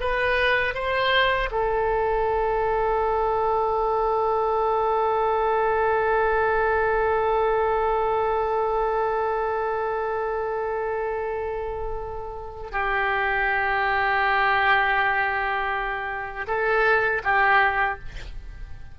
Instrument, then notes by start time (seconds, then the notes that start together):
oboe
0.00 B4
0.74 C5
1.51 A4
12.71 G4
16.47 A4
17.24 G4